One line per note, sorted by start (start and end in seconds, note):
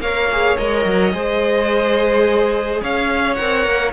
0.00 0.56 A#3
0.00 0.29 A#4
0.00 1.13 C#5
0.00 0.57 F5
0.32 0.59 G#4
0.57 0.85 G#3
0.57 1.13 A#4
0.57 2.82 D#5
0.85 1.13 F#3
1.13 2.81 G#3
1.13 3.37 G#4
1.13 2.82 C5
2.82 3.39 C#4
2.82 3.93 C#5
2.82 3.35 F5
3.35 3.66 C4
3.35 3.93 A#4
3.35 3.91 F#5
3.66 3.93 A#3